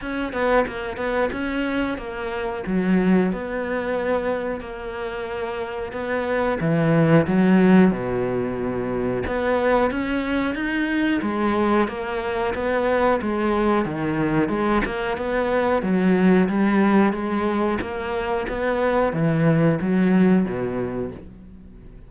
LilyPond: \new Staff \with { instrumentName = "cello" } { \time 4/4 \tempo 4 = 91 cis'8 b8 ais8 b8 cis'4 ais4 | fis4 b2 ais4~ | ais4 b4 e4 fis4 | b,2 b4 cis'4 |
dis'4 gis4 ais4 b4 | gis4 dis4 gis8 ais8 b4 | fis4 g4 gis4 ais4 | b4 e4 fis4 b,4 | }